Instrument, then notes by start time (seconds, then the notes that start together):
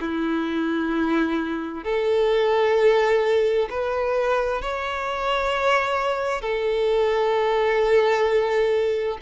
violin
0.00 E4
1.84 A4
3.70 B4
4.62 C#5
6.41 A4